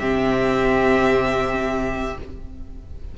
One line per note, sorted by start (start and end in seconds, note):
0.00 2.18 C3
0.00 2.18 C4
0.00 2.18 G4
0.00 2.18 E5